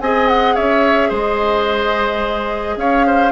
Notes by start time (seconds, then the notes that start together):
0.00 C4 G#4 D#5 G#5
0.28 F#5
0.55 C#4 C#5 E5
1.08 G#3 C5 D#5
2.76 C#4 C#5 F5
3.06 C5